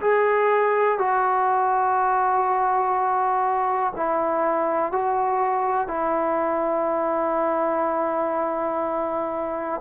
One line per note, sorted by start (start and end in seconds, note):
0.00 0.98 G#4
0.98 3.93 F#4
3.96 4.91 E4
4.91 5.87 F#4
5.87 9.80 E4